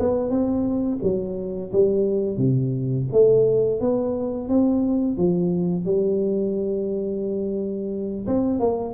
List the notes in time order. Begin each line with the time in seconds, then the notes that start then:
0.00 B3
0.30 C4
1.03 F#3
1.73 G3
2.38 C3
3.13 A3
3.81 B3
4.49 C4
5.18 F3
5.86 G3
8.27 C4
8.60 A#3